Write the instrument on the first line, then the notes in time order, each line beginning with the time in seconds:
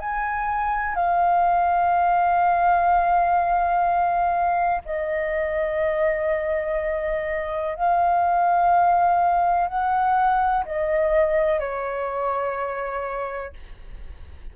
flute
0.00 G#5
0.95 F5
4.85 D#5
7.76 F5
9.68 F#5
10.65 D#5
11.60 C#5